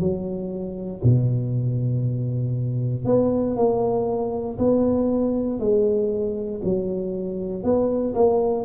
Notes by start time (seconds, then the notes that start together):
0.00 F#3
1.04 B2
3.06 B3
3.56 A#3
4.59 B3
5.60 G#3
6.65 F#3
7.64 B3
8.15 A#3